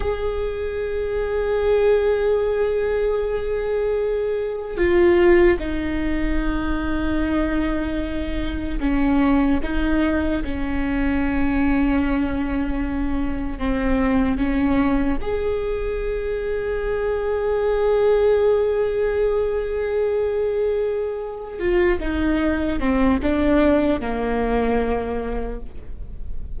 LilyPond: \new Staff \with { instrumentName = "viola" } { \time 4/4 \tempo 4 = 75 gis'1~ | gis'2 f'4 dis'4~ | dis'2. cis'4 | dis'4 cis'2.~ |
cis'4 c'4 cis'4 gis'4~ | gis'1~ | gis'2. f'8 dis'8~ | dis'8 c'8 d'4 ais2 | }